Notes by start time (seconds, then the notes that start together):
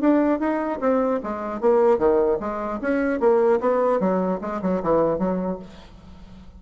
0.00 D4
0.39 D#4
0.80 C4
1.23 G#3
1.60 A#3
1.98 D#3
2.40 G#3
2.81 C#4
3.20 A#3
3.60 B3
4.00 F#3
4.41 G#3
4.61 F#3
4.82 E3
5.18 F#3